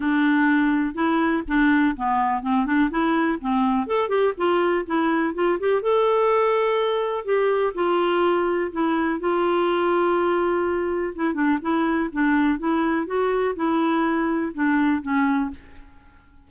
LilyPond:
\new Staff \with { instrumentName = "clarinet" } { \time 4/4 \tempo 4 = 124 d'2 e'4 d'4 | b4 c'8 d'8 e'4 c'4 | a'8 g'8 f'4 e'4 f'8 g'8 | a'2. g'4 |
f'2 e'4 f'4~ | f'2. e'8 d'8 | e'4 d'4 e'4 fis'4 | e'2 d'4 cis'4 | }